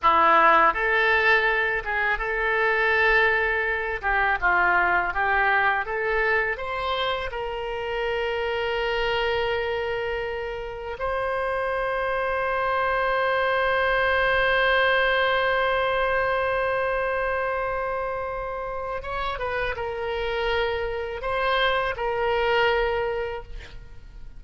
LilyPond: \new Staff \with { instrumentName = "oboe" } { \time 4/4 \tempo 4 = 82 e'4 a'4. gis'8 a'4~ | a'4. g'8 f'4 g'4 | a'4 c''4 ais'2~ | ais'2. c''4~ |
c''1~ | c''1~ | c''2 cis''8 b'8 ais'4~ | ais'4 c''4 ais'2 | }